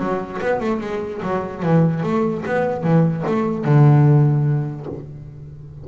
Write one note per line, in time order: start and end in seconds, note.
0.00 0.41 F#3
0.42 0.61 B3
0.61 0.81 A3
0.81 1.22 G#3
1.23 1.63 F#3
1.63 2.04 E3
2.04 2.44 A3
2.46 2.84 B3
2.84 3.25 E3
3.27 3.65 A3
3.65 4.87 D3